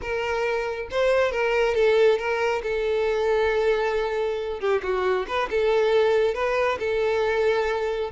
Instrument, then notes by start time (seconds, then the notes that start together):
violin
0.01 A#4
0.90 C5
1.31 A#4
1.75 A4
2.18 A#4
2.63 A4
4.59 G4
4.82 F#4
5.27 B4
5.50 A4
6.34 B4
6.79 A4